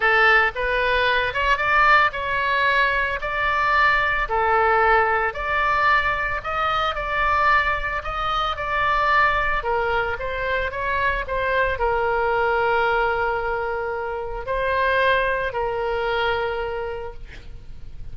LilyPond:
\new Staff \with { instrumentName = "oboe" } { \time 4/4 \tempo 4 = 112 a'4 b'4. cis''8 d''4 | cis''2 d''2 | a'2 d''2 | dis''4 d''2 dis''4 |
d''2 ais'4 c''4 | cis''4 c''4 ais'2~ | ais'2. c''4~ | c''4 ais'2. | }